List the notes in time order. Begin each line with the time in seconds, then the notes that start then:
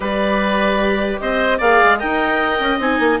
0.00 G3 G4 B4 D5
1.20 C4 C5 D#5
1.57 A#3 G#4 D5 F5
1.83 G#3
1.99 D#4 A#4 D#5 G5
2.60 C#4
2.79 C4 D#4 G#5
2.99 A#3